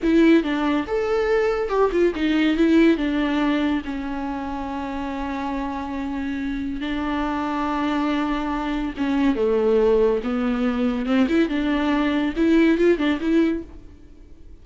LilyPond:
\new Staff \with { instrumentName = "viola" } { \time 4/4 \tempo 4 = 141 e'4 d'4 a'2 | g'8 f'8 dis'4 e'4 d'4~ | d'4 cis'2.~ | cis'1 |
d'1~ | d'4 cis'4 a2 | b2 c'8 e'8 d'4~ | d'4 e'4 f'8 d'8 e'4 | }